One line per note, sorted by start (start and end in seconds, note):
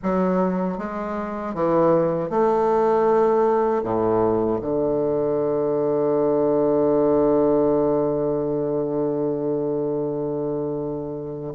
0.02 0.78 F#3
0.78 1.54 G#3
1.54 2.30 E3
2.30 3.83 A3
3.83 4.60 A2
4.61 11.53 D3